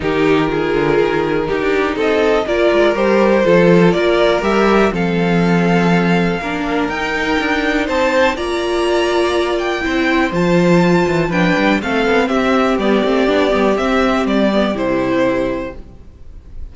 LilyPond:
<<
  \new Staff \with { instrumentName = "violin" } { \time 4/4 \tempo 4 = 122 ais'1 | dis''4 d''4 c''2 | d''4 e''4 f''2~ | f''2 g''2 |
a''4 ais''2~ ais''8 g''8~ | g''4 a''2 g''4 | f''4 e''4 d''2 | e''4 d''4 c''2 | }
  \new Staff \with { instrumentName = "violin" } { \time 4/4 g'4 gis'2 g'4 | a'4 ais'2 a'4 | ais'2 a'2~ | a'4 ais'2. |
c''4 d''2. | c''2. b'4 | a'4 g'2.~ | g'1 | }
  \new Staff \with { instrumentName = "viola" } { \time 4/4 dis'4 f'2 dis'4~ | dis'4 f'4 g'4 f'4~ | f'4 g'4 c'2~ | c'4 d'4 dis'2~ |
dis'4 f'2. | e'4 f'2 d'4 | c'2 b8 c'8 d'8 b8 | c'4. b8 e'2 | }
  \new Staff \with { instrumentName = "cello" } { \time 4/4 dis4. d8 dis4 dis'16 d'8. | c'4 ais8 gis8 g4 f4 | ais4 g4 f2~ | f4 ais4 dis'4 d'4 |
c'4 ais2. | c'4 f4. e8 f8 g8 | a8 b8 c'4 g8 a8 b8 g8 | c'4 g4 c2 | }
>>